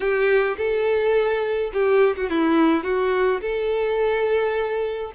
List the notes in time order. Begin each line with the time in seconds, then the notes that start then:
0.00 G4
0.57 A4
1.73 G4
2.16 F#4
2.29 E4
2.83 F#4
3.41 A4